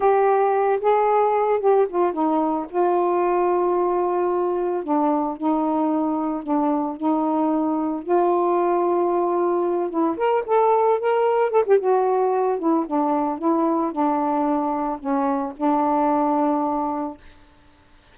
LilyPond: \new Staff \with { instrumentName = "saxophone" } { \time 4/4 \tempo 4 = 112 g'4. gis'4. g'8 f'8 | dis'4 f'2.~ | f'4 d'4 dis'2 | d'4 dis'2 f'4~ |
f'2~ f'8 e'8 ais'8 a'8~ | a'8 ais'4 a'16 g'16 fis'4. e'8 | d'4 e'4 d'2 | cis'4 d'2. | }